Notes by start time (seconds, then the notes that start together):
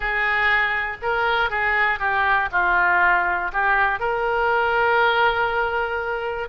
0.00 G#4
1.02 A#4
1.50 G#4
1.99 G4
2.51 F4
3.52 G4
3.99 A#4